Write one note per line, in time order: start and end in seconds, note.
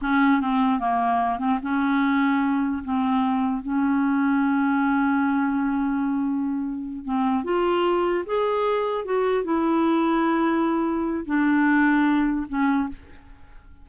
0.01 0.40 C#4
0.40 0.79 C4
0.79 1.39 A#3
1.39 1.59 C4
1.62 2.83 C#4
2.84 3.62 C4
3.62 7.05 C#4
7.05 7.44 C4
7.44 8.24 F4
8.25 9.05 G#4
9.05 9.43 F#4
9.43 11.25 E4
11.25 12.46 D4
12.48 12.88 C#4